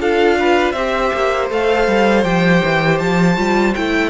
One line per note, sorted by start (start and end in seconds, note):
0.00 0.74 D4
0.00 0.75 F4
0.00 0.38 A4
0.00 0.72 F5
0.40 0.74 B4
0.72 1.11 C4
0.72 1.51 G4
0.72 4.10 C5
0.72 1.47 E5
1.14 1.50 A#3
1.50 1.88 A3
1.50 2.24 A4
1.50 2.24 F5
1.88 2.24 G3
2.24 2.62 F3
2.24 3.36 G4
2.24 2.99 G5
2.64 3.00 E3
2.99 3.37 F3
2.99 3.74 A5
3.36 3.74 G3
3.36 3.74 F4
3.75 4.10 A3
3.75 4.10 E4
3.75 4.10 G5